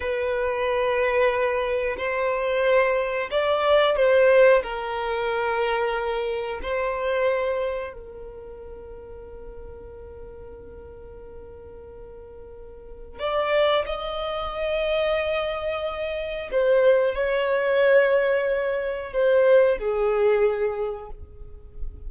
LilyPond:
\new Staff \with { instrumentName = "violin" } { \time 4/4 \tempo 4 = 91 b'2. c''4~ | c''4 d''4 c''4 ais'4~ | ais'2 c''2 | ais'1~ |
ais'1 | d''4 dis''2.~ | dis''4 c''4 cis''2~ | cis''4 c''4 gis'2 | }